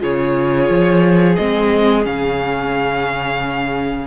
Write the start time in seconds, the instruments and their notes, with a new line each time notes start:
0.00 cello C#3, viola F4, violin G#4 C#5
0.70 cello F3
1.36 cello G#3, viola C4, violin D#5
2.04 cello C#3, viola C#4, violin F5